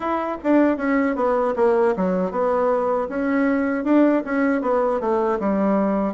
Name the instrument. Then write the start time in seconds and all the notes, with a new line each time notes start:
bassoon
0.00 E4
0.43 D4
0.77 C#4
1.15 B3
1.56 A#3
1.96 F#3
2.31 B3
3.08 C#4
3.84 D4
4.24 C#4
4.62 B3
5.00 A3
5.39 G3